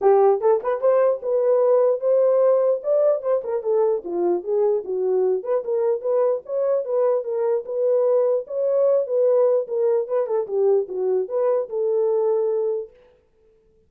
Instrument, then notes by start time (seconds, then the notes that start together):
horn
0.01 G4
0.40 A4
0.63 B4
0.80 C5
1.22 B4
2.00 C5
2.83 D5
3.22 C5
3.44 A#4
3.62 A4
4.04 F4
4.43 G#4
4.84 F#4
5.43 B4
5.64 A#4
6.01 B4
6.45 C#5
6.84 B4
7.24 A#4
7.65 B4
8.47 C#5
9.06 B4
9.67 A#4
10.07 B4
10.26 A4
10.47 G4
10.88 F#4
11.28 B4
11.69 A4